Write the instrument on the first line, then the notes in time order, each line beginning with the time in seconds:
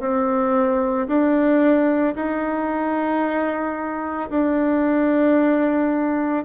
bassoon
0.00 C4
1.08 D4
2.16 D#4
4.31 D4